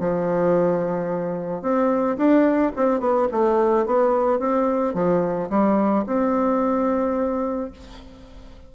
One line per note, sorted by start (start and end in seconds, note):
0.00 1.62 F3
1.62 2.17 C4
2.17 2.72 D4
2.76 3.00 C4
3.00 3.28 B3
3.32 3.86 A3
3.86 4.40 B3
4.40 4.94 C4
4.94 5.49 F3
5.50 6.05 G3
6.07 7.72 C4